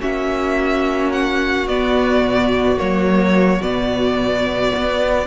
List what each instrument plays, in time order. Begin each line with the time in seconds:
0.00 cello A#3, viola C#4, violin F#4 E5
1.12 violin F#5
1.68 cello B3, viola B3, violin D5
2.22 cello B2
2.77 cello F#3, viola A#3, violin C#5
3.60 cello B2, viola B3, violin D5
4.76 cello B3